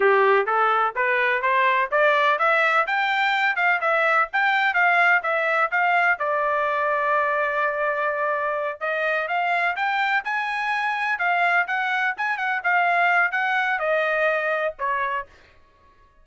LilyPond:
\new Staff \with { instrumentName = "trumpet" } { \time 4/4 \tempo 4 = 126 g'4 a'4 b'4 c''4 | d''4 e''4 g''4. f''8 | e''4 g''4 f''4 e''4 | f''4 d''2.~ |
d''2~ d''8 dis''4 f''8~ | f''8 g''4 gis''2 f''8~ | f''8 fis''4 gis''8 fis''8 f''4. | fis''4 dis''2 cis''4 | }